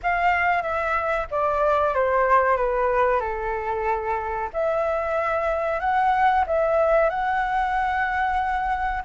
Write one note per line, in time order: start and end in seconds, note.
0.02 0.62 F5
0.62 1.26 E5
1.30 1.94 D5
1.94 2.57 C5
2.57 3.20 B4
3.20 4.49 A4
4.53 5.80 E5
5.80 6.44 F#5
6.46 7.09 E5
7.09 9.03 F#5